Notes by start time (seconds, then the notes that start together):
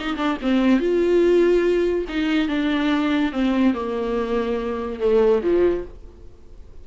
0.00 D#4
0.17 D4
0.42 C4
0.80 F4
2.09 D#4
2.49 D4
3.32 C4
3.74 A#3
5.00 A3
5.43 F3